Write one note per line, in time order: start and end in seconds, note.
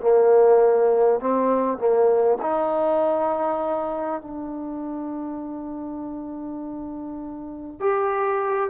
0.00 1.20 A#3
1.20 1.78 C4
1.78 2.38 A#3
2.41 4.21 D#4
4.21 7.80 D4
7.80 8.70 G4